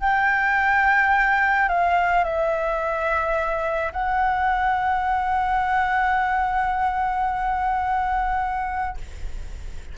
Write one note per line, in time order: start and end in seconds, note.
0.00 1.68 G5
1.68 2.24 F5
2.24 3.92 E5
3.92 8.97 F#5